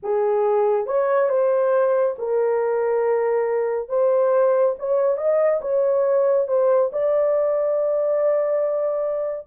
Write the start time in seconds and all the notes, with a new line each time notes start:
0.02 G#4
0.86 C#5
1.29 C5
2.18 A#4
3.88 C5
4.79 C#5
5.17 D#5
5.61 C#5
6.47 C5
6.92 D5